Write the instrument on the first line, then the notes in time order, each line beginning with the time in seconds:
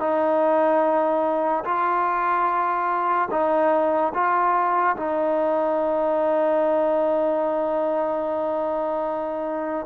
trombone
0.00 D#4
1.65 F4
3.31 D#4
4.14 F4
4.97 D#4